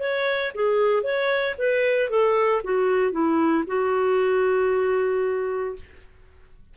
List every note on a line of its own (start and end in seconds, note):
0.00 0.52 C#5
0.55 1.03 G#4
1.03 1.55 C#5
1.58 2.10 B4
2.10 2.62 A4
2.64 3.12 F#4
3.12 3.64 E4
3.67 5.76 F#4